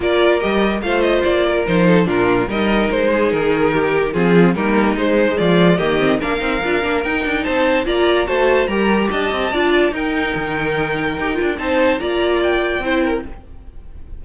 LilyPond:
<<
  \new Staff \with { instrumentName = "violin" } { \time 4/4 \tempo 4 = 145 d''4 dis''4 f''8 dis''8 d''4 | c''4 ais'4 dis''4 c''4 | ais'2 gis'4 ais'4 | c''4 d''4 dis''4 f''4~ |
f''4 g''4 a''4 ais''4 | a''4 ais''4 a''2 | g''1 | a''4 ais''4 g''2 | }
  \new Staff \with { instrumentName = "violin" } { \time 4/4 ais'2 c''4. ais'8~ | ais'8 a'8 f'4 ais'4. gis'8~ | gis'4 g'4 f'4 dis'4~ | dis'4 f'4 g'4 ais'4~ |
ais'2 c''4 d''4 | c''4 ais'4 dis''4 d''4 | ais'1 | c''4 d''2 c''8 ais'8 | }
  \new Staff \with { instrumentName = "viola" } { \time 4/4 f'4 g'4 f'2 | dis'4 d'4 dis'2~ | dis'2 c'4 ais4 | gis2 ais8 c'8 d'8 dis'8 |
f'8 d'8 dis'2 f'4 | fis'4 g'2 f'4 | dis'2. g'8 f'8 | dis'4 f'2 e'4 | }
  \new Staff \with { instrumentName = "cello" } { \time 4/4 ais4 g4 a4 ais4 | f4 ais,4 g4 gis4 | dis2 f4 g4 | gis4 f4 dis4 ais8 c'8 |
d'8 ais8 dis'8 d'8 c'4 ais4 | a4 g4 d'8 c'8 d'4 | dis'4 dis2 dis'8 d'8 | c'4 ais2 c'4 | }
>>